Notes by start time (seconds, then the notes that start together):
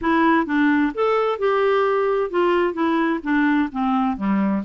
0.01 E4
0.46 D4
0.94 A4
1.38 G4
2.30 F4
2.73 E4
3.23 D4
3.72 C4
4.16 G3